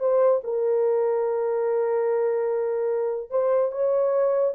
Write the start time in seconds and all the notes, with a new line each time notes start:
0.00 C5
0.44 A#4
3.31 C5
3.72 C#5